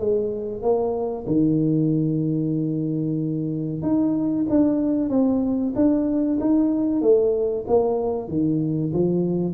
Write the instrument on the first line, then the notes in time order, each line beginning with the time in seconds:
tuba
0.00 G#3
0.63 A#3
1.27 D#3
3.83 D#4
4.50 D4
5.10 C4
5.76 D4
6.41 D#4
7.02 A3
7.68 A#3
8.29 D#3
8.93 F3